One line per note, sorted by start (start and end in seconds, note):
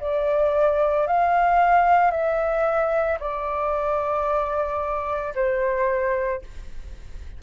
0.00 1.07 D5
1.07 2.11 F5
2.11 3.18 E5
3.19 5.34 D5
5.35 6.42 C5